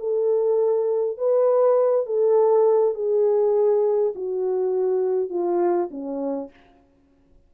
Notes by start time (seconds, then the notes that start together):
0.00 A4
1.18 B4
2.06 A4
2.94 G#4
4.15 F#4
5.30 F4
5.91 C#4